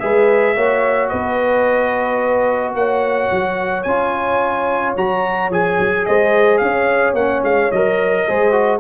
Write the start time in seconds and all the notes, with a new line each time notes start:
0.00 G#3 G#4 B4 E5
0.55 A#3 F#4 C#5
1.09 B3 B4 D#5
2.75 A#3 C#5 F#5
3.31 F#3
3.83 C#4 F4 G#5
4.96 F#3 F#4 A#5
5.50 F3 G#4 G#5
5.79 F#3
6.06 G#3 C5 D#5
6.58 C#4 F5
6.65 C#5
7.14 A#3 C#4 F#5
7.42 G#3 F5
7.71 F#3 A#4 D#5
8.28 G#3 G#4 C5
8.52 F#4